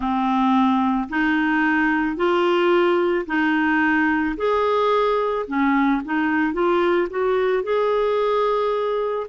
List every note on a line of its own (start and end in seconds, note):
0.00 1.08 C4
1.09 2.16 D#4
2.16 3.25 F4
3.26 4.35 D#4
4.36 5.45 G#4
5.47 6.01 C#4
6.04 6.53 D#4
6.53 7.08 F4
7.10 7.63 F#4
7.63 9.26 G#4